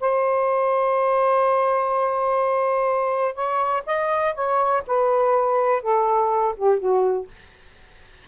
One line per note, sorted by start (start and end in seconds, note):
0.00 3.35 C5
3.35 3.83 C#5
3.86 4.34 D#5
4.35 4.83 C#5
4.87 5.82 B4
5.82 6.55 A4
6.56 6.79 G4
6.79 7.27 F#4